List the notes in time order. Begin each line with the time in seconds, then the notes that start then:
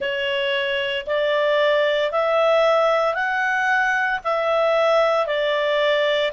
0.00 C#5
1.06 D5
2.11 E5
3.14 F#5
4.23 E5
5.26 D5